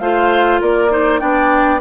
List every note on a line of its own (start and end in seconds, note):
0.00 0.61 A3
0.00 0.90 F4
0.00 0.61 C5
0.00 0.61 F5
0.61 1.22 A#3
0.61 0.92 A#4
0.61 1.20 D5
0.90 1.19 D#4
0.90 1.21 C5
1.19 1.81 B3
1.19 1.80 D4
1.19 1.81 D5
1.19 1.80 G5